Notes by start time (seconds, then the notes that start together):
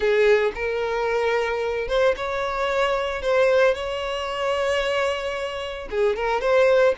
0.00 G#4
0.55 A#4
1.87 C5
2.16 C#5
3.22 C5
3.74 C#5
5.90 G#4
6.16 A#4
6.40 C5